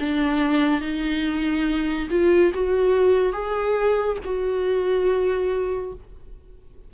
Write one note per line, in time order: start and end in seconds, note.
0.00 0.81 D4
0.81 2.08 D#4
2.10 2.52 F4
2.54 3.33 F#4
3.33 4.17 G#4
4.24 5.93 F#4